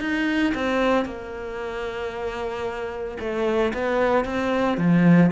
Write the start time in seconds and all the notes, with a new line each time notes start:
0.00 D#4
0.54 C4
1.05 A#3
3.19 A3
3.73 B3
4.24 C4
4.77 F3